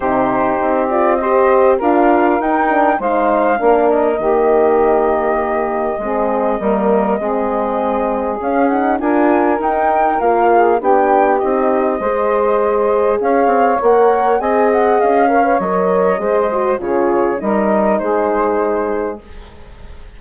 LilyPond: <<
  \new Staff \with { instrumentName = "flute" } { \time 4/4 \tempo 4 = 100 c''4. d''8 dis''4 f''4 | g''4 f''4. dis''4.~ | dis''1~ | dis''2 f''8 fis''8 gis''4 |
g''4 f''4 g''4 dis''4~ | dis''2 f''4 fis''4 | gis''8 fis''8 f''4 dis''2 | cis''4 dis''4 c''2 | }
  \new Staff \with { instrumentName = "saxophone" } { \time 4/4 g'2 c''4 ais'4~ | ais'4 c''4 ais'4 g'4~ | g'2 gis'4 ais'4 | gis'2. ais'4~ |
ais'4. gis'8 g'2 | c''2 cis''2 | dis''4. cis''4. c''4 | gis'4 ais'4 gis'2 | }
  \new Staff \with { instrumentName = "horn" } { \time 4/4 dis'4. f'8 g'4 f'4 | dis'8 d'8 dis'4 d'4 ais4~ | ais2 c'4 ais4 | c'2 cis'8 dis'8 f'4 |
dis'4 f'4 d'4 dis'4 | gis'2. ais'4 | gis'4. ais'16 b'16 ais'4 gis'8 fis'8 | f'4 dis'2. | }
  \new Staff \with { instrumentName = "bassoon" } { \time 4/4 c4 c'2 d'4 | dis'4 gis4 ais4 dis4~ | dis2 gis4 g4 | gis2 cis'4 d'4 |
dis'4 ais4 b4 c'4 | gis2 cis'8 c'8 ais4 | c'4 cis'4 fis4 gis4 | cis4 g4 gis2 | }
>>